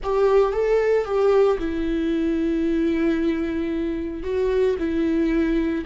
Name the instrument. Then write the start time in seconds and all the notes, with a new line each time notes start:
viola
0.03 G4
0.52 A4
1.05 G4
1.59 E4
4.23 F#4
4.78 E4